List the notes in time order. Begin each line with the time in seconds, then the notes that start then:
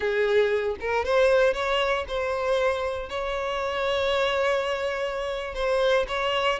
0.00 G#4
0.80 A#4
1.04 C5
1.53 C#5
2.08 C5
3.09 C#5
5.54 C5
6.08 C#5